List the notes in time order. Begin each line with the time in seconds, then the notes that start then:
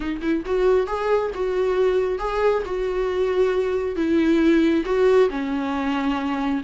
0.00 D#4
0.21 E4
0.45 F#4
0.86 G#4
1.34 F#4
2.19 G#4
2.65 F#4
3.95 E4
4.85 F#4
5.29 C#4